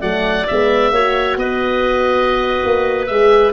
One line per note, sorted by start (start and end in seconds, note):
0.00 0.46 F#3
0.00 0.46 A3
0.00 0.91 D5
0.00 0.46 F#5
0.46 0.91 G#3
0.46 0.93 B3
0.46 1.37 E5
0.91 1.36 A#3
0.91 3.09 F#4
0.91 1.38 C#5
1.36 2.61 B3
1.36 3.52 B4
1.36 3.06 D#5
2.64 3.09 A#3
3.06 3.52 G#3
3.06 3.52 G#4
3.06 3.51 E5